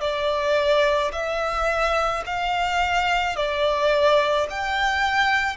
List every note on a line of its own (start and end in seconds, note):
0.00 1.11 D5
1.12 2.23 E5
2.26 3.36 F5
3.36 4.47 D5
4.49 5.56 G5